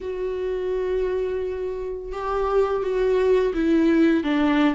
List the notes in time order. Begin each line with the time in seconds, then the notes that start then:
0.01 F#4
2.12 G4
2.82 F#4
3.54 E4
4.24 D4